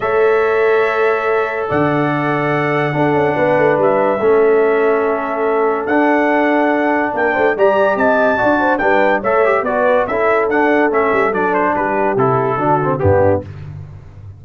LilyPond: <<
  \new Staff \with { instrumentName = "trumpet" } { \time 4/4 \tempo 4 = 143 e''1 | fis''1~ | fis''4 e''2.~ | e''2 fis''2~ |
fis''4 g''4 ais''4 a''4~ | a''4 g''4 e''4 d''4 | e''4 fis''4 e''4 d''8 c''8 | b'4 a'2 g'4 | }
  \new Staff \with { instrumentName = "horn" } { \time 4/4 cis''1 | d''2. a'4 | b'2 a'2~ | a'1~ |
a'4 ais'8 c''8 d''4 dis''4 | d''8 c''8 b'4 cis''4 b'4 | a'1 | g'2 fis'4 d'4 | }
  \new Staff \with { instrumentName = "trombone" } { \time 4/4 a'1~ | a'2. d'4~ | d'2 cis'2~ | cis'2 d'2~ |
d'2 g'2 | fis'4 d'4 a'8 g'8 fis'4 | e'4 d'4 cis'4 d'4~ | d'4 e'4 d'8 c'8 b4 | }
  \new Staff \with { instrumentName = "tuba" } { \time 4/4 a1 | d2. d'8 cis'8 | b8 a8 g4 a2~ | a2 d'2~ |
d'4 ais8 a8 g4 c'4 | d'4 g4 a4 b4 | cis'4 d'4 a8 g8 fis4 | g4 c4 d4 g,4 | }
>>